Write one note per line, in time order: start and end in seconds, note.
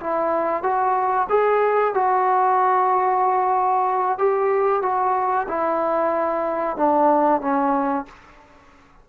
0.00 0.63 E4
0.63 1.28 F#4
1.30 1.94 G#4
1.94 4.18 F#4
4.18 4.82 G4
4.82 5.47 F#4
5.48 6.77 E4
6.77 7.41 D4
7.41 8.06 C#4